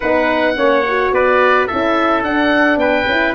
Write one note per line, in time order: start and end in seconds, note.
0.00 0.58 B3
0.00 0.56 D#4
0.00 0.55 B4
0.00 1.11 F#5
0.56 1.11 A#3
0.56 0.84 C#4
0.56 1.14 C#5
0.88 1.70 F#4
1.11 1.67 B3
1.11 1.67 B4
1.11 1.67 D5
1.67 2.23 C#4
1.67 2.23 E4
1.67 2.79 A4
1.67 2.23 E5
2.23 2.76 D4
2.23 3.07 D4
2.23 2.78 F#5
2.76 3.04 B3
2.76 3.34 B4
2.76 3.34 G5
3.06 3.34 C#4
3.06 3.34 E4